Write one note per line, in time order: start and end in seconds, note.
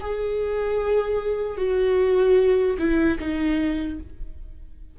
0.00 1.57 G#4
1.57 2.77 F#4
2.78 3.18 E4
3.19 3.99 D#4